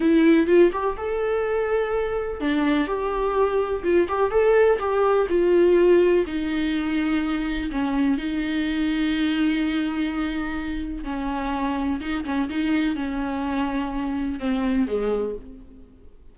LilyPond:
\new Staff \with { instrumentName = "viola" } { \time 4/4 \tempo 4 = 125 e'4 f'8 g'8 a'2~ | a'4 d'4 g'2 | f'8 g'8 a'4 g'4 f'4~ | f'4 dis'2. |
cis'4 dis'2.~ | dis'2. cis'4~ | cis'4 dis'8 cis'8 dis'4 cis'4~ | cis'2 c'4 gis4 | }